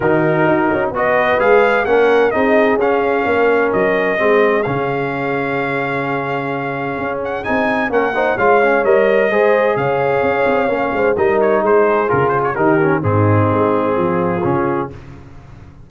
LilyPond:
<<
  \new Staff \with { instrumentName = "trumpet" } { \time 4/4 \tempo 4 = 129 ais'2 dis''4 f''4 | fis''4 dis''4 f''2 | dis''2 f''2~ | f''2.~ f''8 fis''8 |
gis''4 fis''4 f''4 dis''4~ | dis''4 f''2. | dis''8 cis''8 c''4 ais'8 c''16 cis''16 ais'4 | gis'1 | }
  \new Staff \with { instrumentName = "horn" } { \time 4/4 fis'2 b'2 | ais'4 gis'2 ais'4~ | ais'4 gis'2.~ | gis'1~ |
gis'4 ais'8 c''8 cis''2 | c''4 cis''2~ cis''8 c''8 | ais'4 gis'2 g'4 | dis'2 f'2 | }
  \new Staff \with { instrumentName = "trombone" } { \time 4/4 dis'2 fis'4 gis'4 | cis'4 dis'4 cis'2~ | cis'4 c'4 cis'2~ | cis'1 |
dis'4 cis'8 dis'8 f'8 cis'8 ais'4 | gis'2. cis'4 | dis'2 f'4 dis'8 cis'8 | c'2. cis'4 | }
  \new Staff \with { instrumentName = "tuba" } { \time 4/4 dis4 dis'8 cis'8 b4 gis4 | ais4 c'4 cis'4 ais4 | fis4 gis4 cis2~ | cis2. cis'4 |
c'4 ais4 gis4 g4 | gis4 cis4 cis'8 c'8 ais8 gis8 | g4 gis4 cis4 dis4 | gis,4 gis4 f4 cis4 | }
>>